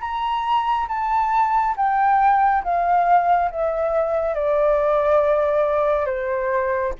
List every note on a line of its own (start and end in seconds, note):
0.00 0.87 A#5
0.88 1.75 A5
1.76 2.63 G5
2.64 3.51 F5
3.51 4.34 E5
4.34 6.06 D5
6.06 6.92 C5